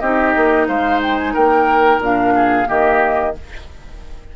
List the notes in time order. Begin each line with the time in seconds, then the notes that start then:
0.00 C4 D#4 G4 D#5
0.37 A#3
0.68 G#3 C5 F5
1.02 G5
1.18 G#5
1.34 A#3 A#4 G5
1.99 A#2 D4 F5
2.35 G#4
2.66 D#3 A#3 G4 D#5